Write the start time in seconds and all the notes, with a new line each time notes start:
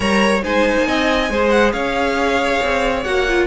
0.00 G3 A#4 C#5 A#5
0.42 G#3 D#4 C5 G#5
0.78 A#3
0.87 C4 D#5
1.29 G#3 G#4 C5
1.49 F#5
1.72 C#4 C#5 F5
2.62 C4
3.03 A#3 F#4 F#5
3.28 F4